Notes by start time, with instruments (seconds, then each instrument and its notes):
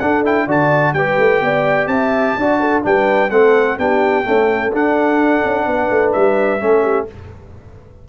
0.00 tuba D4, trombone D4, horn A4, trumpet F#5
0.25 trombone E4, trumpet G5
0.46 tuba D3, trombone F#4, horn D5, trumpet A5
0.94 tuba G3, trombone G4, horn B4, trumpet G5
1.19 tuba A3
1.42 tuba B3, horn D5
1.87 tuba C4, horn E5, trumpet A5
2.37 tuba D4, trombone F#4, horn D5
2.61 horn A4
2.83 tuba G3, trombone D4, horn B4, trumpet G5
3.31 tuba A3, trombone C4, horn A4, trumpet F#5
3.79 tuba B3, trombone D4, horn G4, trumpet G5
4.25 trombone A3, tuba C#4, horn A4
4.73 tuba D4, trombone D4, trumpet F#5
5.45 tuba C#4
5.67 tuba B3, horn B4
5.91 tuba A3
6.13 tuba G3, trumpet E5
6.60 tuba A3, trombone C#4, horn A4
6.82 horn G4